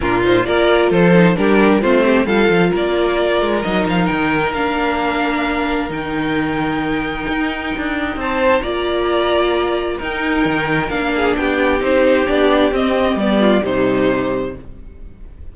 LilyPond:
<<
  \new Staff \with { instrumentName = "violin" } { \time 4/4 \tempo 4 = 132 ais'8 c''8 d''4 c''4 ais'4 | c''4 f''4 d''2 | dis''8 f''8 g''4 f''2~ | f''4 g''2.~ |
g''2 a''4 ais''4~ | ais''2 g''2 | f''4 g''4 c''4 d''4 | dis''4 d''4 c''2 | }
  \new Staff \with { instrumentName = "violin" } { \time 4/4 f'4 ais'4 a'4 g'4 | f'8 g'8 a'4 ais'2~ | ais'1~ | ais'1~ |
ais'2 c''4 d''4~ | d''2 ais'2~ | ais'8 gis'8 g'2.~ | g'4. f'8 dis'2 | }
  \new Staff \with { instrumentName = "viola" } { \time 4/4 d'8 dis'8 f'4. dis'8 d'4 | c'4 f'2. | dis'2 d'2~ | d'4 dis'2.~ |
dis'2. f'4~ | f'2 dis'2 | d'2 dis'4 d'4 | c'4 b4 g2 | }
  \new Staff \with { instrumentName = "cello" } { \time 4/4 ais,4 ais4 f4 g4 | a4 g8 f8 ais4. gis8 | fis8 f8 dis4 ais2~ | ais4 dis2. |
dis'4 d'4 c'4 ais4~ | ais2 dis'4 dis4 | ais4 b4 c'4 b4 | c'4 g4 c2 | }
>>